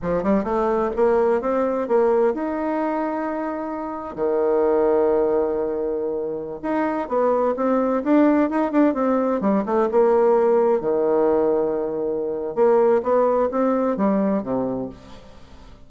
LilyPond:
\new Staff \with { instrumentName = "bassoon" } { \time 4/4 \tempo 4 = 129 f8 g8 a4 ais4 c'4 | ais4 dis'2.~ | dis'4 dis2.~ | dis2~ dis16 dis'4 b8.~ |
b16 c'4 d'4 dis'8 d'8 c'8.~ | c'16 g8 a8 ais2 dis8.~ | dis2. ais4 | b4 c'4 g4 c4 | }